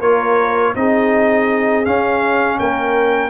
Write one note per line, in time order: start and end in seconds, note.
0.00 0.74 A#3
0.00 0.75 F4
0.00 0.73 A#4
0.00 0.73 C#5
0.75 1.85 C4
0.75 1.84 D#4
0.75 2.59 G#4
0.75 1.85 D#5
1.84 3.30 C#4
1.84 2.59 C#4
1.84 2.58 F5
2.59 3.30 A#3
2.59 3.30 A#4
2.59 3.30 G5